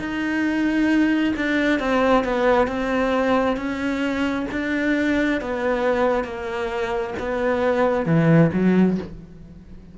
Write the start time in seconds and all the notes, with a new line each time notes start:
0.00 D#4
1.36 D4
1.80 C4
2.25 B3
2.68 C4
3.57 C#4
4.52 D4
5.41 B3
6.25 A#3
7.19 B3
8.06 E3
8.53 F#3